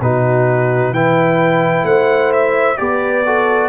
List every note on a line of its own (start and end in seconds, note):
0.00 0.90 B2
0.00 0.95 D#4
0.00 0.93 F#4
0.00 0.93 B4
0.90 1.82 E3
0.90 2.77 E4
0.90 1.84 B4
0.90 1.85 G5
1.83 2.75 A3
1.83 2.77 C5
1.83 2.32 F#5
2.32 2.77 E5
2.77 3.68 B3
2.77 3.23 G4
2.77 3.25 B4
2.77 3.68 D5
3.25 3.68 F#4
3.25 3.68 A4